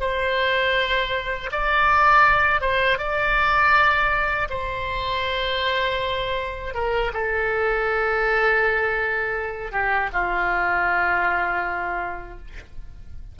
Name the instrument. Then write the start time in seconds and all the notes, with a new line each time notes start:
oboe
0.00 C5
1.52 D5
2.61 C5
2.98 D5
4.50 C5
6.74 A#4
7.14 A4
9.72 G4
10.13 F4